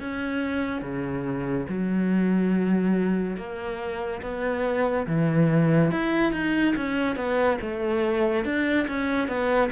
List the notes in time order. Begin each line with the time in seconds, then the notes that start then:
0.00 C#4
0.82 C#3
1.69 F#3
3.37 A#3
4.22 B3
5.07 E3
5.91 E4
6.33 D#4
6.76 C#4
7.16 B3
7.61 A3
8.45 D4
8.88 C#4
9.28 B3